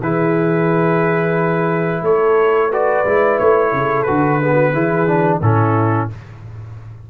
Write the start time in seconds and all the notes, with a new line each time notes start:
0.00 E3 E4 G#4 B4
2.02 A3 A4 C#5
2.68 F#4 B4 D5
3.05 G#3 E4
3.38 A3 C#5
3.73 C#3 A4
4.03 F#4 B4
4.09 D3
4.41 B3 G#4
4.53 F#4
4.73 E3 E4 G#4
5.07 D4
5.41 A2 C#4 E4 A4